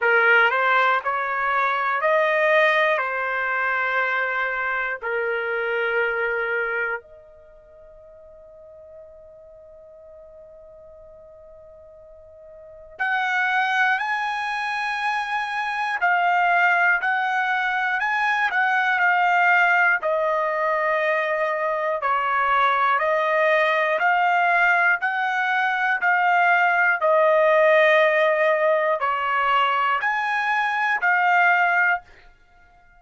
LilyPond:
\new Staff \with { instrumentName = "trumpet" } { \time 4/4 \tempo 4 = 60 ais'8 c''8 cis''4 dis''4 c''4~ | c''4 ais'2 dis''4~ | dis''1~ | dis''4 fis''4 gis''2 |
f''4 fis''4 gis''8 fis''8 f''4 | dis''2 cis''4 dis''4 | f''4 fis''4 f''4 dis''4~ | dis''4 cis''4 gis''4 f''4 | }